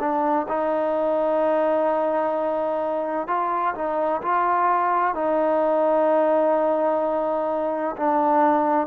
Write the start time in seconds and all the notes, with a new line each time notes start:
0.00 D4
0.49 D#4
3.28 F4
3.75 D#4
4.22 F4
5.15 D#4
7.97 D4